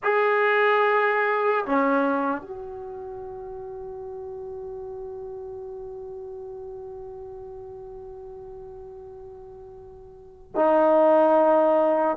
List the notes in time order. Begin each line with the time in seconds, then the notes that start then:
0.03 G#4
1.65 C#4
2.41 F#4
10.55 D#4